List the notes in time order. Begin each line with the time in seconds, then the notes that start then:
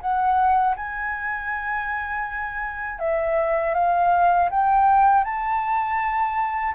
0.00 F#5
0.76 G#5
2.99 E5
3.74 F5
4.50 G5
5.24 A5